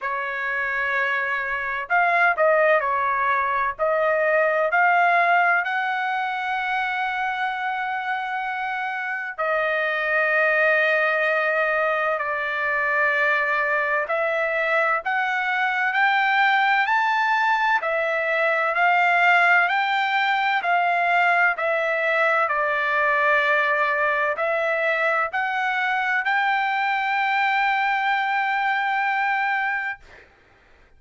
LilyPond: \new Staff \with { instrumentName = "trumpet" } { \time 4/4 \tempo 4 = 64 cis''2 f''8 dis''8 cis''4 | dis''4 f''4 fis''2~ | fis''2 dis''2~ | dis''4 d''2 e''4 |
fis''4 g''4 a''4 e''4 | f''4 g''4 f''4 e''4 | d''2 e''4 fis''4 | g''1 | }